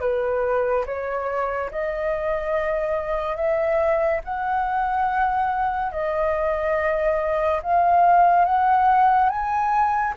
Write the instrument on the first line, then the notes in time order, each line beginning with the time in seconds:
flute
0.00 B4
0.86 C#5
1.71 D#5
3.36 E5
4.24 F#5
5.92 D#5
7.62 F5
8.45 F#5
9.29 G#5